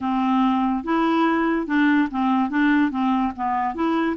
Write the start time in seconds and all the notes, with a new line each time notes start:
0.00 C4
0.83 E4
1.66 D4
2.10 C4
2.49 D4
2.91 C4
3.35 B3
3.74 E4